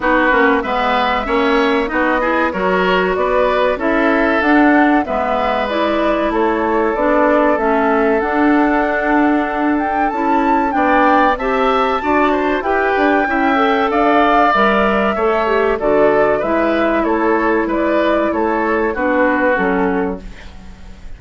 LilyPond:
<<
  \new Staff \with { instrumentName = "flute" } { \time 4/4 \tempo 4 = 95 b'4 e''2 dis''4 | cis''4 d''4 e''4 fis''4 | e''4 d''4 cis''4 d''4 | e''4 fis''2~ fis''8 g''8 |
a''4 g''4 a''2 | g''2 f''4 e''4~ | e''4 d''4 e''4 cis''4 | d''4 cis''4 b'4 a'4 | }
  \new Staff \with { instrumentName = "oboe" } { \time 4/4 fis'4 b'4 cis''4 fis'8 gis'8 | ais'4 b'4 a'2 | b'2 a'2~ | a'1~ |
a'4 d''4 e''4 d''8 c''8 | b'4 e''4 d''2 | cis''4 a'4 b'4 a'4 | b'4 a'4 fis'2 | }
  \new Staff \with { instrumentName = "clarinet" } { \time 4/4 dis'8 cis'8 b4 cis'4 dis'8 e'8 | fis'2 e'4 d'4 | b4 e'2 d'4 | cis'4 d'2. |
e'4 d'4 g'4 fis'4 | g'4 e'8 a'4. ais'4 | a'8 g'8 fis'4 e'2~ | e'2 d'4 cis'4 | }
  \new Staff \with { instrumentName = "bassoon" } { \time 4/4 b8 ais8 gis4 ais4 b4 | fis4 b4 cis'4 d'4 | gis2 a4 b4 | a4 d'2. |
cis'4 b4 c'4 d'4 | e'8 d'8 cis'4 d'4 g4 | a4 d4 gis4 a4 | gis4 a4 b4 fis4 | }
>>